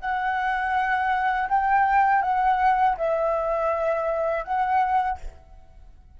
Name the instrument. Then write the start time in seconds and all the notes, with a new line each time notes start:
flute
0.00 F#5
1.48 G5
2.22 F#5
2.97 E5
4.44 F#5